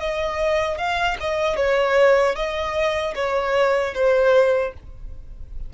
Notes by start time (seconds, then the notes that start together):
0.00 D#5
0.78 F5
1.20 D#5
1.56 C#5
2.35 D#5
3.15 C#5
3.94 C5